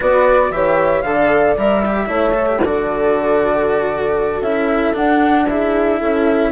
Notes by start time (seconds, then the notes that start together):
0.00 B3 F#4 B4 D5
0.51 E3 G4 C#5 E5
1.02 D3 A4 D5 F5
1.56 G3 A#4 E5
1.85 G4
2.06 A3 E4 C#5
2.33 A4
2.46 G4
2.60 D3 F#4 A4 D5
4.41 C#4 E4 E5
4.93 D4 F#5
5.48 E4 G#4 E5
5.98 C#4 A4